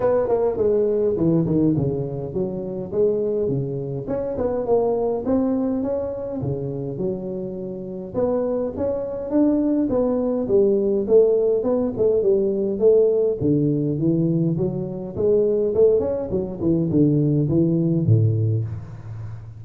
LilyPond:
\new Staff \with { instrumentName = "tuba" } { \time 4/4 \tempo 4 = 103 b8 ais8 gis4 e8 dis8 cis4 | fis4 gis4 cis4 cis'8 b8 | ais4 c'4 cis'4 cis4 | fis2 b4 cis'4 |
d'4 b4 g4 a4 | b8 a8 g4 a4 d4 | e4 fis4 gis4 a8 cis'8 | fis8 e8 d4 e4 a,4 | }